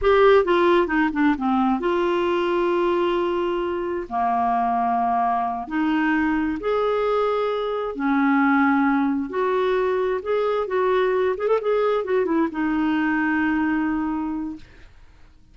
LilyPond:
\new Staff \with { instrumentName = "clarinet" } { \time 4/4 \tempo 4 = 132 g'4 f'4 dis'8 d'8 c'4 | f'1~ | f'4 ais2.~ | ais8 dis'2 gis'4.~ |
gis'4. cis'2~ cis'8~ | cis'8 fis'2 gis'4 fis'8~ | fis'4 gis'16 a'16 gis'4 fis'8 e'8 dis'8~ | dis'1 | }